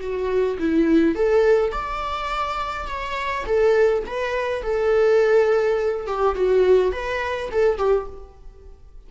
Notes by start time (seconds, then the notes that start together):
0.00 F#4
0.58 E4
1.15 A4
1.72 D5
2.87 C#5
3.45 A4
4.06 B4
4.62 A4
6.06 G4
6.35 F#4
6.92 B4
7.51 A4
7.77 G4